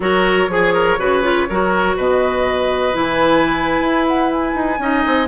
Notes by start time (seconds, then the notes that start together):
0.00 F#3 F#4 A#4 C#5
0.48 F3 G#4
0.73 A#4
0.98 C#3 F#4 B4
1.22 F4
1.49 F#3 F#4 A#4
1.96 B2 B4 D#5
2.93 E3 E4 G#5
3.79 E4
4.07 F#5
4.32 G#5
4.54 D#4
4.78 C#4 D#4 D#5
5.06 C4